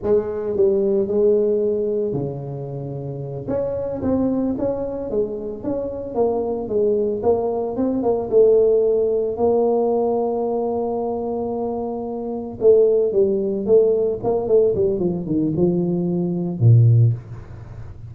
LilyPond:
\new Staff \with { instrumentName = "tuba" } { \time 4/4 \tempo 4 = 112 gis4 g4 gis2 | cis2~ cis8 cis'4 c'8~ | c'8 cis'4 gis4 cis'4 ais8~ | ais8 gis4 ais4 c'8 ais8 a8~ |
a4. ais2~ ais8~ | ais2.~ ais8 a8~ | a8 g4 a4 ais8 a8 g8 | f8 dis8 f2 ais,4 | }